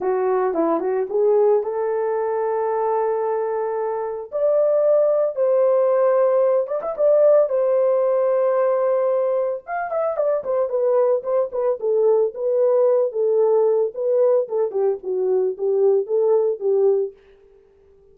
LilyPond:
\new Staff \with { instrumentName = "horn" } { \time 4/4 \tempo 4 = 112 fis'4 e'8 fis'8 gis'4 a'4~ | a'1 | d''2 c''2~ | c''8 d''16 e''16 d''4 c''2~ |
c''2 f''8 e''8 d''8 c''8 | b'4 c''8 b'8 a'4 b'4~ | b'8 a'4. b'4 a'8 g'8 | fis'4 g'4 a'4 g'4 | }